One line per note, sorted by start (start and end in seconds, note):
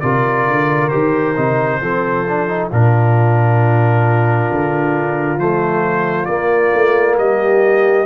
0.00 0.47 C3
0.00 0.90 F4
0.00 1.82 A#4
0.00 0.88 D5
0.47 0.92 D3
0.88 1.37 D#3
0.88 1.35 G4
0.88 2.67 C5
1.37 1.81 C3
1.37 1.81 D#4
1.81 2.71 F3
1.81 2.26 C4
1.81 2.70 A4
2.29 2.48 D4
2.48 2.70 D#4
2.70 4.50 A#2
2.70 5.38 D4
2.70 7.18 F4
2.70 5.39 A#4
4.51 5.37 D3
5.37 6.26 F3
5.37 6.28 A3
5.37 6.25 C5
6.25 6.72 A#3
6.25 8.06 A#3
6.25 7.15 D5
6.74 7.17 A3
7.17 8.06 G3
7.17 8.06 G4
7.17 8.06 D#5